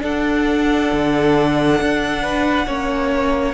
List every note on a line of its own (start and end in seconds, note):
0.00 2.65 D4
0.00 0.92 D4
0.00 2.23 A4
0.00 3.54 F#5
0.93 1.81 D3
1.82 2.67 D4
2.23 2.67 B4
2.67 3.54 A#3
2.67 3.54 C#4
2.67 3.54 C#5